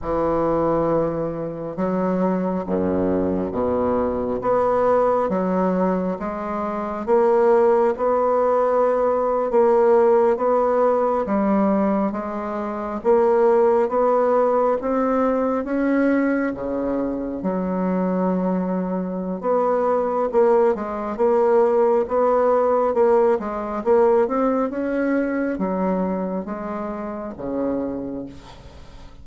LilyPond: \new Staff \with { instrumentName = "bassoon" } { \time 4/4 \tempo 4 = 68 e2 fis4 fis,4 | b,4 b4 fis4 gis4 | ais4 b4.~ b16 ais4 b16~ | b8. g4 gis4 ais4 b16~ |
b8. c'4 cis'4 cis4 fis16~ | fis2 b4 ais8 gis8 | ais4 b4 ais8 gis8 ais8 c'8 | cis'4 fis4 gis4 cis4 | }